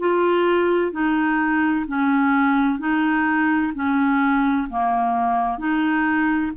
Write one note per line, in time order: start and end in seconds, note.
0.00 0.92 F4
0.92 1.86 D#4
1.87 2.79 C#4
2.79 3.73 D#4
3.75 4.68 C#4
4.70 5.58 A#3
5.58 6.52 D#4